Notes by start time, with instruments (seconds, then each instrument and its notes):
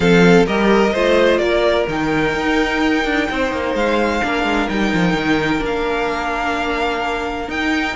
0.00 cello F3, viola C4, violin A4 F5
0.46 cello G3, viola G4, violin A#4 D#5
0.93 cello A3, viola F4, violin C5
1.37 cello A#3, violin A#4 D5
1.88 cello D#3, viola D#4, violin G5
2.34 cello D#4
3.05 cello D4
3.30 cello C4, violin C5
3.51 cello A#3
3.74 cello G#3, violin F5
4.22 cello A#3, viola D4, violin A#4
4.43 cello G#3
4.68 cello G3, viola D#4, violin G5
4.93 cello F3
5.13 cello D#3
5.59 cello A#3, viola D4
5.65 violin F5
7.48 viola D#4, cello D#4, violin G5